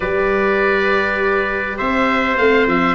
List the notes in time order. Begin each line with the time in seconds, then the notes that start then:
0.00 G3 G4 B4 D5
1.77 C4 C5 E5
2.37 A3 C4 F5
2.67 F3 E5